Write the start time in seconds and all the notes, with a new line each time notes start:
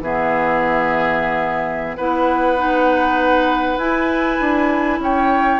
0.00 E3 B3 G#4 E5
1.96 B3 E4 B4 F#5
2.57 D#4
3.77 E4 G#5
4.40 D4
4.99 C#4 C#5 G5